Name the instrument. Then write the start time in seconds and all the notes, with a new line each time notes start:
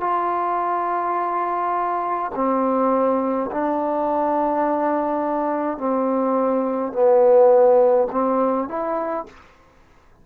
trombone
0.00 F4
2.35 C4
3.51 D4
5.77 C4
6.92 B3
8.11 C4
8.68 E4